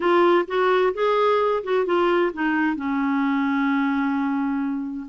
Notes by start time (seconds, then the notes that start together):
0.00 F4
0.47 F#4
0.94 G#4
1.63 F#4
1.85 F4
2.33 D#4
2.76 C#4